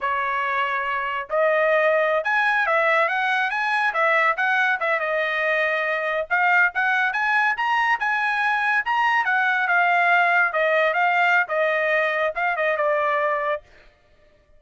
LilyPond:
\new Staff \with { instrumentName = "trumpet" } { \time 4/4 \tempo 4 = 141 cis''2. dis''4~ | dis''4~ dis''16 gis''4 e''4 fis''8.~ | fis''16 gis''4 e''4 fis''4 e''8 dis''16~ | dis''2~ dis''8. f''4 fis''16~ |
fis''8. gis''4 ais''4 gis''4~ gis''16~ | gis''8. ais''4 fis''4 f''4~ f''16~ | f''8. dis''4 f''4~ f''16 dis''4~ | dis''4 f''8 dis''8 d''2 | }